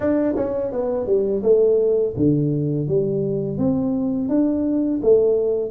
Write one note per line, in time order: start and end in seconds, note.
0.00 0.35 D4
0.36 0.71 C#4
0.71 1.06 B3
1.06 1.42 G3
1.43 2.14 A3
2.16 2.87 D3
2.88 3.57 G3
3.57 4.29 C4
4.29 5.00 D4
5.02 5.71 A3